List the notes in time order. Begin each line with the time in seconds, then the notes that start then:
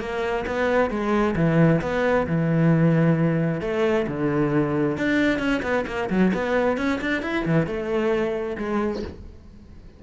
0.00 A#3
0.47 B3
0.90 G#3
1.36 E3
1.81 B3
2.27 E3
3.62 A3
4.07 D3
4.98 D4
5.39 C#4
5.63 B3
5.87 A#3
6.10 F#3
6.34 B3
6.78 C#4
7.01 D4
7.23 E4
7.46 E3
7.67 A3
8.58 G#3